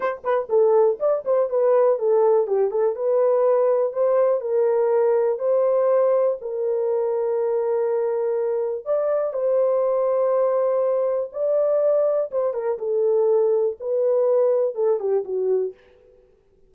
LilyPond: \new Staff \with { instrumentName = "horn" } { \time 4/4 \tempo 4 = 122 c''8 b'8 a'4 d''8 c''8 b'4 | a'4 g'8 a'8 b'2 | c''4 ais'2 c''4~ | c''4 ais'2.~ |
ais'2 d''4 c''4~ | c''2. d''4~ | d''4 c''8 ais'8 a'2 | b'2 a'8 g'8 fis'4 | }